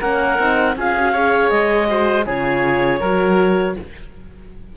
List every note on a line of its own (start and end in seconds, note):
0.00 0.39 A#3
0.00 0.38 C#4
0.00 0.75 A#4
0.00 0.75 F#5
0.38 0.75 C4
0.38 0.75 D#4
0.75 1.50 C#4
0.75 0.96 F4
0.75 1.12 G#4
0.75 1.49 F5
0.97 1.13 F#4
1.12 1.88 G#4
1.12 1.87 C#5
1.49 2.26 G#3
1.49 2.24 D#5
1.88 2.25 F#4
1.88 2.25 C5
2.25 3.01 C#3
2.25 3.01 F4
2.25 3.00 G#4
2.25 3.76 C#5
3.00 3.76 F#3
3.00 3.76 F#4
3.00 3.75 A#4